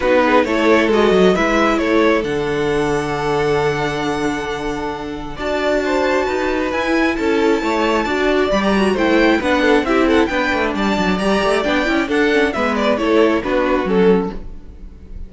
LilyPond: <<
  \new Staff \with { instrumentName = "violin" } { \time 4/4 \tempo 4 = 134 b'4 cis''4 dis''4 e''4 | cis''4 fis''2.~ | fis''1 | a''2. gis''4 |
a''2. b''16 ais''8. | g''4 fis''4 e''8 fis''8 g''4 | a''4 ais''4 g''4 fis''4 | e''8 d''8 cis''4 b'4 a'4 | }
  \new Staff \with { instrumentName = "violin" } { \time 4/4 fis'8 gis'8 a'2 b'4 | a'1~ | a'1 | d''4 c''4 b'2 |
a'4 cis''4 d''2 | c''4 b'8 a'8 g'8 a'8 b'4 | d''2. a'4 | b'4 a'4 fis'2 | }
  \new Staff \with { instrumentName = "viola" } { \time 4/4 dis'4 e'4 fis'4 e'4~ | e'4 d'2.~ | d'1 | fis'2. e'4~ |
e'2 fis'4 g'8 fis'8 | e'4 d'4 e'4 d'4~ | d'4 g'4 d'8 e'8 d'8 cis'8 | b4 e'4 d'4 cis'4 | }
  \new Staff \with { instrumentName = "cello" } { \time 4/4 b4 a4 gis8 fis8 gis4 | a4 d2.~ | d1 | d'2 dis'4 e'4 |
cis'4 a4 d'4 g4 | a4 b4 c'4 b8 a8 | g8 fis8 g8 a8 b8 cis'8 d'4 | gis4 a4 b4 fis4 | }
>>